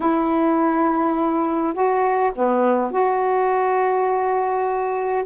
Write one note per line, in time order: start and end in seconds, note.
0.00 1.73 E4
1.73 2.31 F#4
2.35 2.91 B3
2.91 5.24 F#4